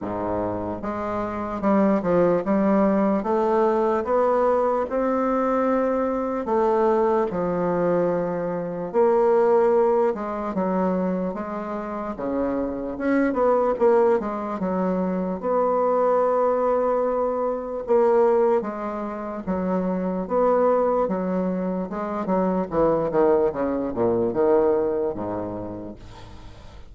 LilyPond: \new Staff \with { instrumentName = "bassoon" } { \time 4/4 \tempo 4 = 74 gis,4 gis4 g8 f8 g4 | a4 b4 c'2 | a4 f2 ais4~ | ais8 gis8 fis4 gis4 cis4 |
cis'8 b8 ais8 gis8 fis4 b4~ | b2 ais4 gis4 | fis4 b4 fis4 gis8 fis8 | e8 dis8 cis8 ais,8 dis4 gis,4 | }